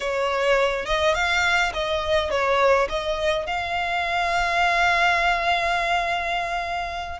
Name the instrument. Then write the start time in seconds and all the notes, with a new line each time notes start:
violin
0.00 C#5
0.85 D#5
1.14 F5
1.73 D#5
2.30 C#5
2.89 D#5
3.46 F5